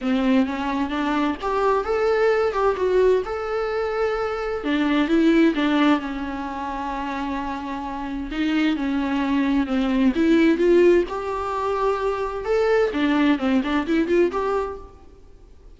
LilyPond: \new Staff \with { instrumentName = "viola" } { \time 4/4 \tempo 4 = 130 c'4 cis'4 d'4 g'4 | a'4. g'8 fis'4 a'4~ | a'2 d'4 e'4 | d'4 cis'2.~ |
cis'2 dis'4 cis'4~ | cis'4 c'4 e'4 f'4 | g'2. a'4 | d'4 c'8 d'8 e'8 f'8 g'4 | }